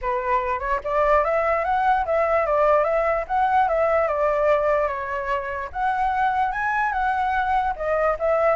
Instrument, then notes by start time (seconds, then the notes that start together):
flute
0.01 B4
0.59 C#5
0.83 D5
1.24 E5
1.64 F#5
2.05 E5
2.46 D5
2.84 E5
3.27 F#5
3.68 E5
4.07 D5
4.87 C#5
5.72 F#5
6.52 G#5
6.92 F#5
7.76 D#5
8.19 E5